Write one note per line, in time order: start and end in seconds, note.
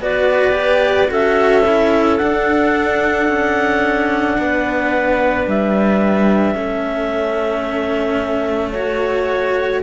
0.00 1.09 B3
0.00 0.52 F#4
0.00 1.11 B4
0.00 1.12 D5
0.52 1.06 G4
1.07 2.20 C#4
1.07 1.61 F#4
1.07 4.38 A4
1.07 2.17 E5
1.66 2.19 E4
2.17 6.55 D4
2.17 3.28 D4
2.17 5.45 F#5
3.28 4.37 C#4
4.38 5.47 B3
4.38 6.57 B4
5.47 6.55 G3
5.47 8.72 E5
6.55 9.82 A3
6.55 8.73 C#4
6.55 9.83 A4
8.72 9.83 F#4
8.72 9.81 C#5